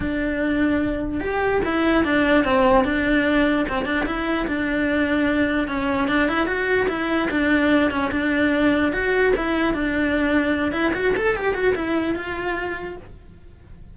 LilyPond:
\new Staff \with { instrumentName = "cello" } { \time 4/4 \tempo 4 = 148 d'2. g'4 | e'4 d'4 c'4 d'4~ | d'4 c'8 d'8 e'4 d'4~ | d'2 cis'4 d'8 e'8 |
fis'4 e'4 d'4. cis'8 | d'2 fis'4 e'4 | d'2~ d'8 e'8 fis'8 a'8 | g'8 fis'8 e'4 f'2 | }